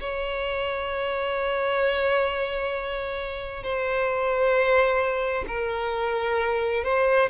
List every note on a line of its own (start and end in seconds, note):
0.00 3.63 C#5
3.63 5.45 C5
5.48 6.84 A#4
6.84 7.30 C5